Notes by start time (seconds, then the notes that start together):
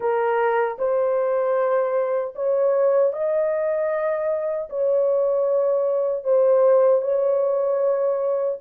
0.00 A#4
0.78 C5
2.35 C#5
3.12 D#5
4.69 C#5
6.24 C5
7.01 C#5